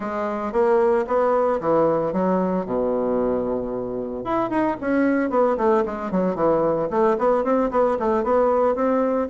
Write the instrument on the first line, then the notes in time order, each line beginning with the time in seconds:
bassoon
0.00 G#3
0.52 A#3
1.07 B3
1.60 E3
2.12 F#3
2.65 B2
4.24 E4
4.49 D#4
4.81 C#4
5.30 B3
5.57 A3
5.85 G#3
6.11 F#3
6.35 E3
6.90 A3
7.18 B3
7.43 C4
7.70 B3
7.99 A3
8.23 B3
8.75 C4